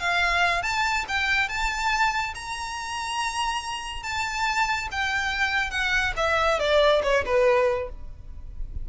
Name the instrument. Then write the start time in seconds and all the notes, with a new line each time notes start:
violin
0.00 F5
0.63 A5
1.09 G5
1.49 A5
2.35 A#5
4.03 A5
4.92 G5
5.71 F#5
6.17 E5
6.60 D5
7.03 C#5
7.26 B4